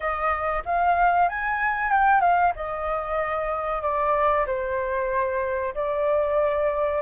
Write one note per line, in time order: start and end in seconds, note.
0.00 0.63 D#5
0.65 1.29 F5
1.29 1.91 G#5
1.91 2.20 G5
2.20 2.52 F5
2.55 3.82 D#5
3.82 4.45 D5
4.46 5.74 C5
5.74 7.02 D5